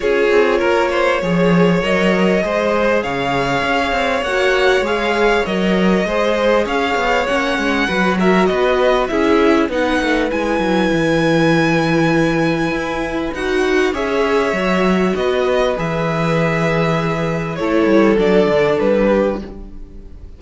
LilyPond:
<<
  \new Staff \with { instrumentName = "violin" } { \time 4/4 \tempo 4 = 99 cis''2. dis''4~ | dis''4 f''2 fis''4 | f''4 dis''2 f''4 | fis''4. e''8 dis''4 e''4 |
fis''4 gis''2.~ | gis''2 fis''4 e''4~ | e''4 dis''4 e''2~ | e''4 cis''4 d''4 b'4 | }
  \new Staff \with { instrumentName = "violin" } { \time 4/4 gis'4 ais'8 c''8 cis''2 | c''4 cis''2.~ | cis''2 c''4 cis''4~ | cis''4 b'8 ais'8 b'4 gis'4 |
b'1~ | b'2. cis''4~ | cis''4 b'2.~ | b'4 a'2~ a'8 g'8 | }
  \new Staff \with { instrumentName = "viola" } { \time 4/4 f'2 gis'4 ais'4 | gis'2. fis'4 | gis'4 ais'4 gis'2 | cis'4 fis'2 e'4 |
dis'4 e'2.~ | e'2 fis'4 gis'4 | fis'2 gis'2~ | gis'4 e'4 d'2 | }
  \new Staff \with { instrumentName = "cello" } { \time 4/4 cis'8 c'8 ais4 f4 fis4 | gis4 cis4 cis'8 c'8 ais4 | gis4 fis4 gis4 cis'8 b8 | ais8 gis8 fis4 b4 cis'4 |
b8 a8 gis8 fis8 e2~ | e4 e'4 dis'4 cis'4 | fis4 b4 e2~ | e4 a8 g8 fis8 d8 g4 | }
>>